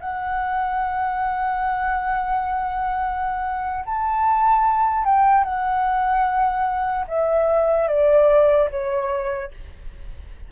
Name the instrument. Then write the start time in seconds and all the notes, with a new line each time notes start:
flute
0.00 F#5
3.86 A5
5.05 G5
5.44 F#5
7.08 E5
7.88 D5
8.71 C#5